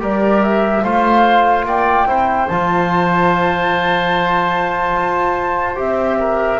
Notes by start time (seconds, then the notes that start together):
0.00 G3 G4 A#4 D5
0.43 E5
0.84 A3 F4 C5 F5
1.65 A#3 D5 G5
2.06 C4 E4 C5
2.48 F3 F4 A5
4.96 F4
5.76 C4 G4 E5
6.20 A#4